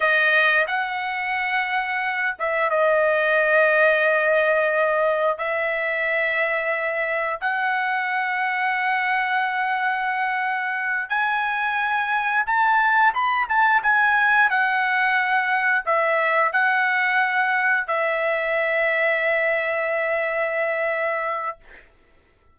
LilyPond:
\new Staff \with { instrumentName = "trumpet" } { \time 4/4 \tempo 4 = 89 dis''4 fis''2~ fis''8 e''8 | dis''1 | e''2. fis''4~ | fis''1~ |
fis''8 gis''2 a''4 b''8 | a''8 gis''4 fis''2 e''8~ | e''8 fis''2 e''4.~ | e''1 | }